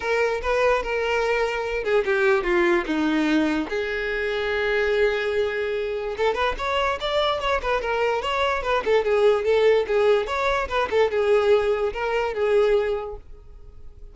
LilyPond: \new Staff \with { instrumentName = "violin" } { \time 4/4 \tempo 4 = 146 ais'4 b'4 ais'2~ | ais'8 gis'8 g'4 f'4 dis'4~ | dis'4 gis'2.~ | gis'2. a'8 b'8 |
cis''4 d''4 cis''8 b'8 ais'4 | cis''4 b'8 a'8 gis'4 a'4 | gis'4 cis''4 b'8 a'8 gis'4~ | gis'4 ais'4 gis'2 | }